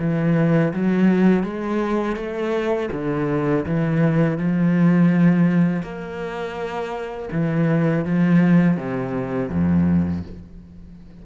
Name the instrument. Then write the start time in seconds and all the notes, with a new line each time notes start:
cello
0.00 E3
0.74 F#3
1.44 G#3
2.17 A3
2.92 D3
3.66 E3
4.38 F3
5.83 A#3
7.32 E3
8.05 F3
8.77 C3
9.50 F2